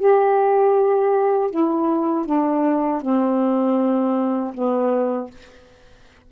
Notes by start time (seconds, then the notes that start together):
0.00 G4
1.51 E4
2.26 D4
3.02 C4
4.55 B3